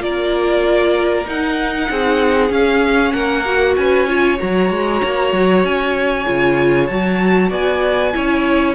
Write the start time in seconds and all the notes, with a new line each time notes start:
0.00 A#3 F4 A#4 D5
1.27 D#4 F#5
1.91 C4 G#4
2.50 C#4 F5
3.13 A#3 A#4 F#5
3.45 F#4
3.77 C#4 B4 G#5
4.08 F4 C#5
4.37 F#3 F#4 A#5
4.71 G#3
5.05 A#3
5.33 F#3
5.64 C#4 G#5
6.26 C#3 F4
6.87 F#3 F#4 A5
7.50 B3 D5 G#5
8.14 C#4 E4 C#5